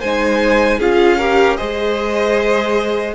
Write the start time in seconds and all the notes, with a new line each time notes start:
0.00 G#3 D#4 C5 G#5
0.79 C#4 F4 G#4 F5
1.18 G4 A#4
1.57 G#3 G#4 C5 D#5